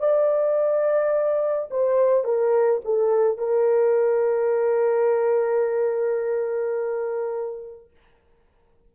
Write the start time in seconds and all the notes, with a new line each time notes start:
0.00 D5
1.71 C5
2.25 A#4
2.85 A4
3.38 A#4